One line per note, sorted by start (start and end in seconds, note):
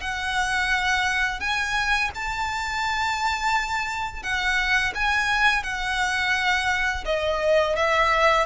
0.00 1.40 F#5
1.40 2.10 G#5
2.15 4.23 A5
4.23 4.93 F#5
4.94 5.63 G#5
5.63 7.04 F#5
7.05 7.76 D#5
7.76 8.46 E5